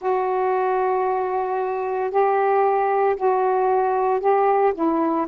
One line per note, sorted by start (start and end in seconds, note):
0.01 2.11 F#4
2.11 3.16 G4
3.16 4.20 F#4
4.20 4.73 G4
4.74 5.26 E4